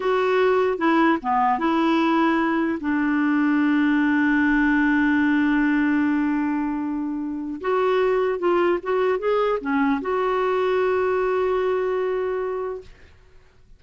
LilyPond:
\new Staff \with { instrumentName = "clarinet" } { \time 4/4 \tempo 4 = 150 fis'2 e'4 b4 | e'2. d'4~ | d'1~ | d'1~ |
d'2. fis'4~ | fis'4 f'4 fis'4 gis'4 | cis'4 fis'2.~ | fis'1 | }